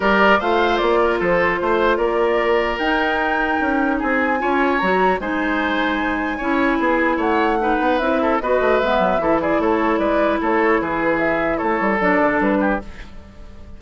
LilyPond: <<
  \new Staff \with { instrumentName = "flute" } { \time 4/4 \tempo 4 = 150 d''4 f''4 d''4 c''4~ | c''4 d''2 g''4~ | g''2 gis''2 | ais''4 gis''2.~ |
gis''2 fis''2 | e''4 dis''4 e''4. d''8 | cis''4 d''4 cis''4 b'4 | e''4 cis''4 d''4 b'4 | }
  \new Staff \with { instrumentName = "oboe" } { \time 4/4 ais'4 c''4. ais'8 a'4 | c''4 ais'2.~ | ais'2 gis'4 cis''4~ | cis''4 c''2. |
cis''4 gis'4 cis''4 b'4~ | b'8 a'8 b'2 a'8 gis'8 | a'4 b'4 a'4 gis'4~ | gis'4 a'2~ a'8 g'8 | }
  \new Staff \with { instrumentName = "clarinet" } { \time 4/4 g'4 f'2.~ | f'2. dis'4~ | dis'2. f'4 | fis'4 dis'2. |
e'2. dis'4 | e'4 fis'4 b4 e'4~ | e'1~ | e'2 d'2 | }
  \new Staff \with { instrumentName = "bassoon" } { \time 4/4 g4 a4 ais4 f4 | a4 ais2 dis'4~ | dis'4 cis'4 c'4 cis'4 | fis4 gis2. |
cis'4 b4 a4. b8 | c'4 b8 a8 gis8 fis8 e4 | a4 gis4 a4 e4~ | e4 a8 g8 fis8 d8 g4 | }
>>